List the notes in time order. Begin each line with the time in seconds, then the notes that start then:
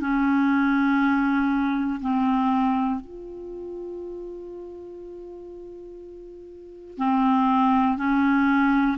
0.00 C#4
2.00 C4
3.00 F4
6.98 C4
7.97 C#4